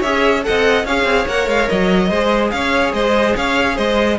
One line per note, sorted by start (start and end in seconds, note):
0.00 0.46 C#4
0.00 0.43 G#4
0.00 0.42 C#5
0.00 0.44 E5
0.43 0.85 A4
0.43 0.87 D#5
0.43 0.86 F#5
0.49 0.85 C4
0.85 1.04 C#4
0.85 1.29 G#4
0.85 2.09 C#5
0.85 1.28 F5
1.04 1.25 C4
1.28 1.47 A#3
1.28 2.11 A#4
1.28 1.49 F#5
1.47 1.68 G#3
1.47 1.69 F5
1.69 2.11 F#3
1.69 2.51 D#5
2.09 2.52 G#3
2.09 4.19 G#4
2.09 2.51 C5
2.51 2.93 C#4
2.51 2.95 C#5
2.51 2.92 F5
2.93 3.35 G#3
2.93 3.36 C5
2.93 3.36 D#5
3.36 3.78 C#4
3.36 3.75 C#5
3.36 3.78 F5
3.75 4.19 G#3
3.75 4.17 C5
3.75 4.19 D#5